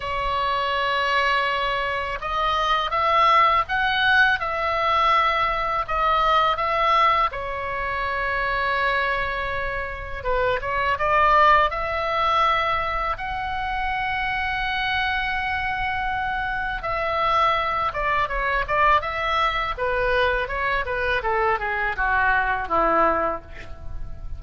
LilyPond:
\new Staff \with { instrumentName = "oboe" } { \time 4/4 \tempo 4 = 82 cis''2. dis''4 | e''4 fis''4 e''2 | dis''4 e''4 cis''2~ | cis''2 b'8 cis''8 d''4 |
e''2 fis''2~ | fis''2. e''4~ | e''8 d''8 cis''8 d''8 e''4 b'4 | cis''8 b'8 a'8 gis'8 fis'4 e'4 | }